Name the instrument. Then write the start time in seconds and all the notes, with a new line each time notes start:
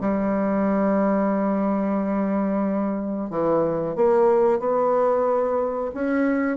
bassoon
0.00 G3
3.30 E3
3.95 A#3
4.59 B3
5.94 C#4